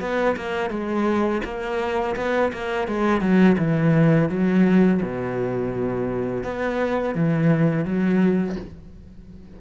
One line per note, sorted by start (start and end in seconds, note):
0.00 0.36 B3
0.36 0.70 A#3
0.70 1.42 G#3
1.44 2.16 A#3
2.16 2.52 B3
2.53 2.88 A#3
2.88 3.20 G#3
3.20 3.56 F#3
3.58 4.30 E3
4.30 5.01 F#3
5.02 6.44 B2
6.44 7.15 B3
7.15 7.85 E3
7.85 8.56 F#3